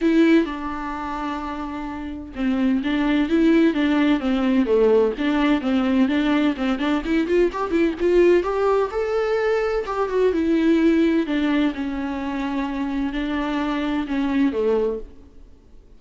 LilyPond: \new Staff \with { instrumentName = "viola" } { \time 4/4 \tempo 4 = 128 e'4 d'2.~ | d'4 c'4 d'4 e'4 | d'4 c'4 a4 d'4 | c'4 d'4 c'8 d'8 e'8 f'8 |
g'8 e'8 f'4 g'4 a'4~ | a'4 g'8 fis'8 e'2 | d'4 cis'2. | d'2 cis'4 a4 | }